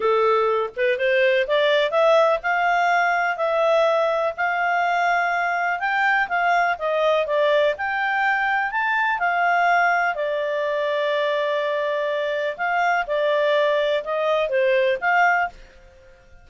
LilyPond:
\new Staff \with { instrumentName = "clarinet" } { \time 4/4 \tempo 4 = 124 a'4. b'8 c''4 d''4 | e''4 f''2 e''4~ | e''4 f''2. | g''4 f''4 dis''4 d''4 |
g''2 a''4 f''4~ | f''4 d''2.~ | d''2 f''4 d''4~ | d''4 dis''4 c''4 f''4 | }